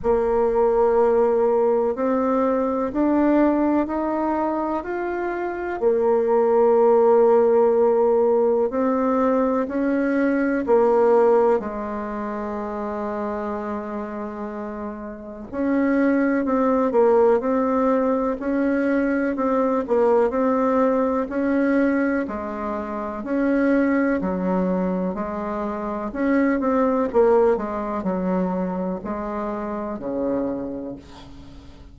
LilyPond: \new Staff \with { instrumentName = "bassoon" } { \time 4/4 \tempo 4 = 62 ais2 c'4 d'4 | dis'4 f'4 ais2~ | ais4 c'4 cis'4 ais4 | gis1 |
cis'4 c'8 ais8 c'4 cis'4 | c'8 ais8 c'4 cis'4 gis4 | cis'4 fis4 gis4 cis'8 c'8 | ais8 gis8 fis4 gis4 cis4 | }